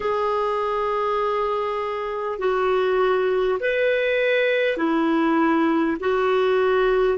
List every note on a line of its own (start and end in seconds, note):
0.00 2.38 G#4
2.38 3.58 F#4
3.59 4.77 B4
4.77 5.97 E4
5.99 7.18 F#4